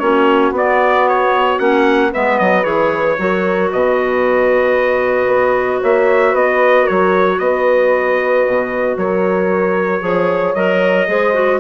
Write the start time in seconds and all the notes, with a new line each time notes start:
0.00 A#3 C#4 F#4 C#5
0.52 B3 D5
1.09 C#5
1.59 A#3 C#4 F#5
2.12 G#3 B3 B4 E5
2.39 F#3 D#5
2.63 E3 G#4 C#5
3.19 F#3 F#4 A#4
3.72 B2 B4 D#5
5.27 B3
5.81 A#3 C#5 E5
6.32 B3 B4 D#5
6.83 A#4 C#5
6.90 F#3
7.40 B3 B4 D#5
8.48 B2
8.97 F#3 A#4 C#5
10.02 F3 G#4 C#5
10.55 F#3 A#4 D#5
11.08 G#3 G#4 C5
11.34 F#4